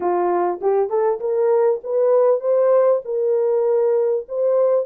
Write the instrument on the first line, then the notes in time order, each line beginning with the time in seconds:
horn
0.00 F4
0.61 G4
0.89 A4
1.20 A#4
1.83 B4
2.40 C5
3.04 A#4
4.28 C5